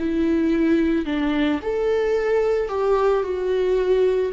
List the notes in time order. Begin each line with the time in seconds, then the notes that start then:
0.00 E4
1.06 D4
1.63 A4
2.69 G4
3.24 F#4